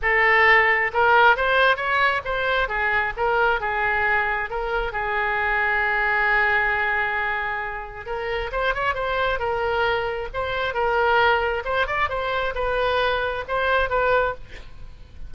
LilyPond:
\new Staff \with { instrumentName = "oboe" } { \time 4/4 \tempo 4 = 134 a'2 ais'4 c''4 | cis''4 c''4 gis'4 ais'4 | gis'2 ais'4 gis'4~ | gis'1~ |
gis'2 ais'4 c''8 cis''8 | c''4 ais'2 c''4 | ais'2 c''8 d''8 c''4 | b'2 c''4 b'4 | }